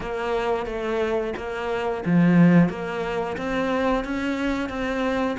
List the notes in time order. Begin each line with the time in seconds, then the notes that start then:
0.00 A#3
0.66 A3
1.36 A#3
2.05 F3
2.69 A#3
3.37 C4
4.04 C#4
4.69 C4